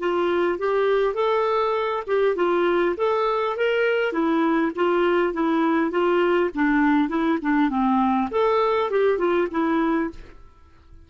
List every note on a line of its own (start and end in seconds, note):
0.00 0.59 F4
0.59 1.15 G4
1.15 2.04 A4
2.07 2.36 G4
2.36 2.96 F4
2.98 3.57 A4
3.57 4.13 A#4
4.13 4.72 E4
4.76 5.34 F4
5.34 5.91 E4
5.91 6.51 F4
6.55 7.09 D4
7.09 7.39 E4
7.42 7.70 D4
7.70 8.30 C4
8.32 8.91 A4
8.91 9.19 G4
9.19 9.48 F4
9.51 10.11 E4